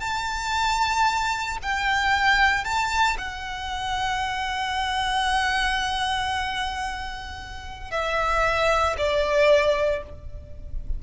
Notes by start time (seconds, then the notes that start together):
0.00 A5
1.62 G5
2.64 A5
3.18 F#5
7.91 E5
8.97 D5